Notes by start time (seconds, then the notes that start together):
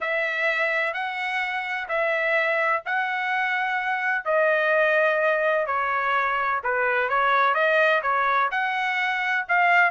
0.00 E5
0.93 F#5
1.88 E5
2.85 F#5
4.24 D#5
5.66 C#5
6.63 B4
7.09 C#5
7.54 D#5
8.02 C#5
8.51 F#5
9.48 F5